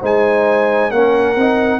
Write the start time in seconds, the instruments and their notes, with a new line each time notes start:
0.00 tuba G#3, trombone D#4, horn C5, trumpet G#5
0.90 tuba A#3, trombone C#4, horn A#4, trumpet F#5
1.36 tuba C4, trombone D#4